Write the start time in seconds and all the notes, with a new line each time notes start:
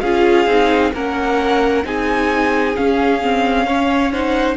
0.00 C#4 F4 G#4 F5
0.46 C4 D#4
0.94 A#3 C#4 A#4 F#5
1.84 C4 D#4 G#4 G#5
2.76 C#4 F5
3.22 C4
3.66 C#4 C#5
4.12 D#4 C5 F#5